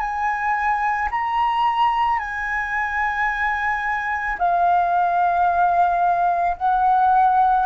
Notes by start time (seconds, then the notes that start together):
0.00 G#5
1.12 A#5
2.19 G#5
4.39 F5
6.57 F#5